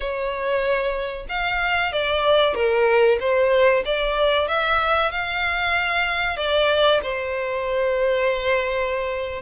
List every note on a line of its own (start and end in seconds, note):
0.00 1.26 C#5
1.29 1.92 F5
1.92 2.54 D5
2.54 3.18 A#4
3.19 3.83 C5
3.85 4.48 D5
4.48 5.11 E5
5.11 6.36 F5
6.36 7.00 D5
7.02 9.42 C5